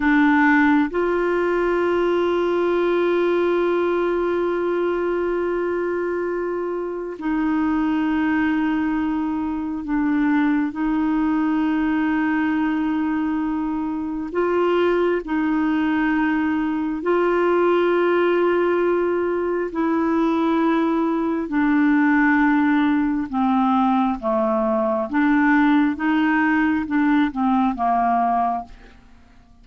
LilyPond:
\new Staff \with { instrumentName = "clarinet" } { \time 4/4 \tempo 4 = 67 d'4 f'2.~ | f'1 | dis'2. d'4 | dis'1 |
f'4 dis'2 f'4~ | f'2 e'2 | d'2 c'4 a4 | d'4 dis'4 d'8 c'8 ais4 | }